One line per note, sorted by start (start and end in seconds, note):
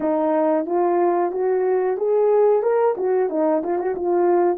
0.00 0.66 D#4
0.66 1.31 F4
1.31 1.97 F#4
1.97 2.62 G#4
2.62 2.95 A#4
2.97 3.29 F#4
3.29 3.62 D#4
3.63 3.78 F4
3.78 3.94 F#4
3.95 4.58 F4